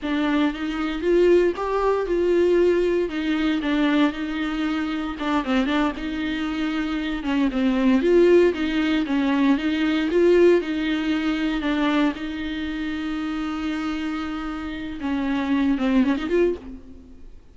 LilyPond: \new Staff \with { instrumentName = "viola" } { \time 4/4 \tempo 4 = 116 d'4 dis'4 f'4 g'4 | f'2 dis'4 d'4 | dis'2 d'8 c'8 d'8 dis'8~ | dis'2 cis'8 c'4 f'8~ |
f'8 dis'4 cis'4 dis'4 f'8~ | f'8 dis'2 d'4 dis'8~ | dis'1~ | dis'4 cis'4. c'8 cis'16 dis'16 f'8 | }